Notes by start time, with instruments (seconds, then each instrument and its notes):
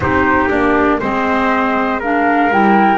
0.00 double bass C4, clarinet D#4, trumpet G4, flute C5
0.49 double bass A#3, clarinet D4, flute D5
1.00 double bass G#3, clarinet C4, trumpet C5, flute D#5
2.00 clarinet D4, trumpet A#4, flute F5
2.50 double bass G3, clarinet E4, flute G5